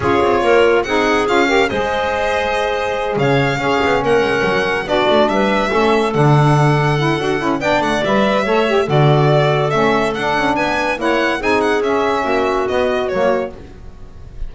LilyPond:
<<
  \new Staff \with { instrumentName = "violin" } { \time 4/4 \tempo 4 = 142 cis''2 fis''4 f''4 | dis''2.~ dis''8 f''8~ | f''4. fis''2 d''8~ | d''8 e''2 fis''4.~ |
fis''2 g''8 fis''8 e''4~ | e''4 d''2 e''4 | fis''4 gis''4 fis''4 gis''8 fis''8 | e''2 dis''4 cis''4 | }
  \new Staff \with { instrumentName = "clarinet" } { \time 4/4 gis'4 ais'4 gis'4. ais'8 | c''2.~ c''8 cis''8~ | cis''8 gis'4 ais'2 fis'8~ | fis'8 b'4 a'2~ a'8~ |
a'2 d''2 | cis''4 a'2.~ | a'4 b'4 cis''4 gis'4~ | gis'4 fis'2. | }
  \new Staff \with { instrumentName = "saxophone" } { \time 4/4 f'2 dis'4 f'8 g'8 | gis'1~ | gis'8 cis'2. d'8~ | d'4. cis'4 d'4.~ |
d'8 e'8 fis'8 e'8 d'4 b'4 | a'8 g'8 fis'2 cis'4 | d'2 e'4 dis'4 | cis'2 b4 ais4 | }
  \new Staff \with { instrumentName = "double bass" } { \time 4/4 cis'8 c'8 ais4 c'4 cis'4 | gis2.~ gis8 cis8~ | cis8 cis'8 b8 ais8 gis8 fis4 b8 | a8 g4 a4 d4.~ |
d4 d'8 cis'8 b8 a8 g4 | a4 d2 a4 | d'8 cis'8 b4 ais4 c'4 | cis'4 ais4 b4 fis4 | }
>>